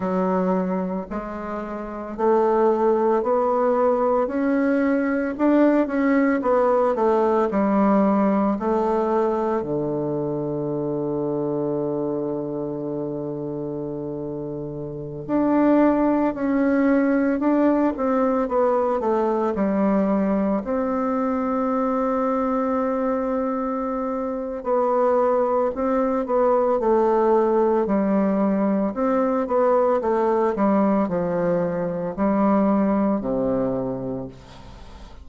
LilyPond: \new Staff \with { instrumentName = "bassoon" } { \time 4/4 \tempo 4 = 56 fis4 gis4 a4 b4 | cis'4 d'8 cis'8 b8 a8 g4 | a4 d2.~ | d2~ d16 d'4 cis'8.~ |
cis'16 d'8 c'8 b8 a8 g4 c'8.~ | c'2. b4 | c'8 b8 a4 g4 c'8 b8 | a8 g8 f4 g4 c4 | }